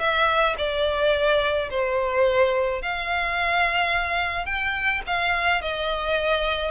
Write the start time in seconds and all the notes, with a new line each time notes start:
0.00 E5
0.58 D5
1.71 C5
2.82 F5
4.46 G5
5.07 F5
5.62 D#5